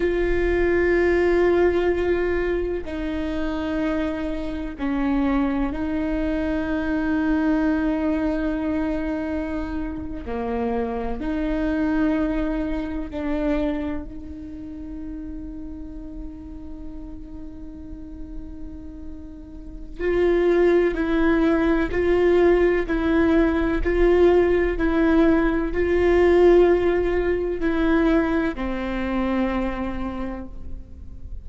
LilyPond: \new Staff \with { instrumentName = "viola" } { \time 4/4 \tempo 4 = 63 f'2. dis'4~ | dis'4 cis'4 dis'2~ | dis'2~ dis'8. ais4 dis'16~ | dis'4.~ dis'16 d'4 dis'4~ dis'16~ |
dis'1~ | dis'4 f'4 e'4 f'4 | e'4 f'4 e'4 f'4~ | f'4 e'4 c'2 | }